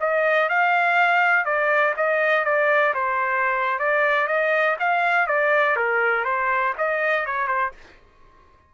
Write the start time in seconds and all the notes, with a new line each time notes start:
0.00 D#5
0.49 F5
1.45 D5
1.96 D#5
2.45 D5
2.94 C5
3.79 D5
4.27 D#5
4.79 F5
5.27 D5
5.76 A#4
6.25 C5
6.78 D#5
7.26 C#5
7.47 C5